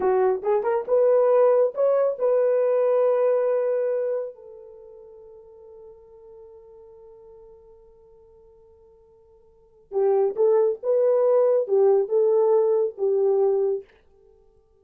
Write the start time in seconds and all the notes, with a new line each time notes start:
0.00 F#4
0.42 G#4
0.63 A#4
0.87 B4
1.74 C#5
2.19 B4
4.34 A4
9.91 G4
10.36 A4
10.82 B4
11.67 G4
12.08 A4
12.97 G4